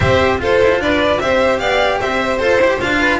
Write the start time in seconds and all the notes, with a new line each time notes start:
0.00 C4 G4 C5 E5
0.38 F4 A4 C5
0.61 E4
0.79 D4 B4 D5
1.19 C4 G4 C5 E5
1.58 B3 D5 F5
1.99 C4 C5 E5
2.38 F4 A4 C5
2.57 E4 G4
2.81 D4 F4 F5
2.99 B4